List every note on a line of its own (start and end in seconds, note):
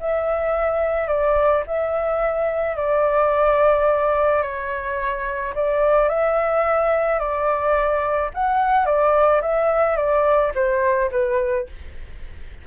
0.00 1.08 E5
1.08 1.63 D5
1.67 2.76 E5
2.76 4.42 D5
4.42 5.54 C#5
5.55 6.09 D5
6.09 7.19 E5
7.19 8.30 D5
8.34 8.86 F#5
8.86 9.41 D5
9.42 9.96 E5
9.96 10.52 D5
10.55 11.10 C5
11.11 11.67 B4